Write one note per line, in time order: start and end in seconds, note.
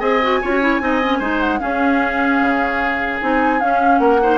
0.00 0.41 C4
0.00 0.20 G#4
0.00 0.40 D#5
0.00 1.40 G#5
0.23 0.43 F#4
0.42 0.81 C#4
0.42 0.50 F4
0.42 0.82 C#5
0.50 0.60 F#4
0.62 0.81 E4
0.81 1.20 C4
0.81 1.01 D#4
0.81 1.19 D#5
1.04 1.22 C#4
1.19 1.60 G#3
1.19 1.60 D#4
1.19 1.59 C5
1.40 1.60 F#5
1.60 3.20 C#4
1.60 2.42 C#4
1.60 4.01 G#4
1.60 3.20 F5
2.42 3.22 C#3
3.22 3.62 C4
3.22 3.61 D#4
3.22 3.61 G#5
3.61 4.21 C#4
3.61 4.00 C#4
3.61 3.99 F5
3.99 4.38 A#3
3.99 4.21 A#4
3.99 4.38 F#5
4.22 4.38 D#4
4.22 4.38 C5